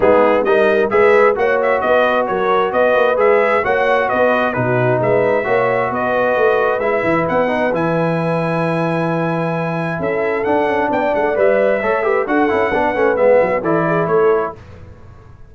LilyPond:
<<
  \new Staff \with { instrumentName = "trumpet" } { \time 4/4 \tempo 4 = 132 gis'4 dis''4 e''4 fis''8 e''8 | dis''4 cis''4 dis''4 e''4 | fis''4 dis''4 b'4 e''4~ | e''4 dis''2 e''4 |
fis''4 gis''2.~ | gis''2 e''4 fis''4 | g''8 fis''8 e''2 fis''4~ | fis''4 e''4 d''4 cis''4 | }
  \new Staff \with { instrumentName = "horn" } { \time 4/4 dis'4 ais'4 b'4 cis''4 | b'4 ais'4 b'2 | cis''4 b'4 fis'4 b'4 | cis''4 b'2.~ |
b'1~ | b'2 a'2 | d''2 cis''8 b'8 a'4 | b'2 a'8 gis'8 a'4 | }
  \new Staff \with { instrumentName = "trombone" } { \time 4/4 b4 dis'4 gis'4 fis'4~ | fis'2. gis'4 | fis'2 dis'2 | fis'2. e'4~ |
e'8 dis'8 e'2.~ | e'2. d'4~ | d'4 b'4 a'8 g'8 fis'8 e'8 | d'8 cis'8 b4 e'2 | }
  \new Staff \with { instrumentName = "tuba" } { \time 4/4 gis4 g4 gis4 ais4 | b4 fis4 b8 ais8 gis4 | ais4 b4 b,4 gis4 | ais4 b4 a4 gis8 e8 |
b4 e2.~ | e2 cis'4 d'8 cis'8 | b8 a8 g4 a4 d'8 cis'8 | b8 a8 gis8 fis8 e4 a4 | }
>>